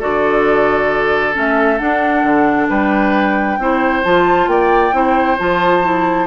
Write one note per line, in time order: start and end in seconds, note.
0.00 1.37 D3
0.00 1.34 F#4
0.00 2.69 A4
0.00 1.36 D5
1.34 1.81 A3
1.34 1.78 C#4
1.34 1.78 E5
1.78 3.59 D4
1.78 2.24 D4
1.78 2.68 F#5
2.24 2.69 D3
2.69 3.59 G3
2.69 3.59 B4
2.69 4.04 G5
3.59 4.04 C4
3.59 4.05 E4
3.59 4.51 C5
4.05 4.48 F3
4.05 4.93 F4
4.05 4.49 A5
4.48 4.93 A#3
4.48 4.96 D5
4.48 5.39 G5
4.93 5.38 C4
4.93 5.37 E4
4.93 6.28 C5
5.39 6.28 F3
5.39 5.83 F4
5.39 6.28 A5
5.83 6.28 E4